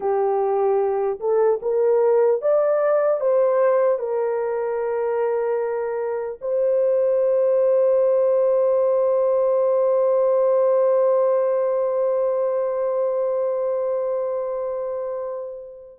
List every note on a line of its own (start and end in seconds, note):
0.00 1.19 G4
1.20 1.60 A4
1.62 2.41 A#4
2.41 3.20 D5
3.20 3.98 C5
3.98 6.38 A#4
6.41 15.99 C5